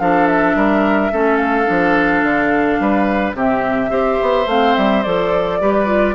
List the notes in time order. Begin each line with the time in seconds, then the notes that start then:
0.00 F3 D4 A4 F5
0.27 E5
0.56 G3 A#4
1.12 A3 C#4 A4
1.37 F5
1.66 F3 D4
2.23 D3
2.80 G3 B4
3.34 C3 C4 G4 E5
3.90 C4 G4 C5
4.22 B3
4.47 A3 C4 F5
4.76 G3 E5
5.04 F3 A4 D5
5.61 G3 G4 B4
5.86 F4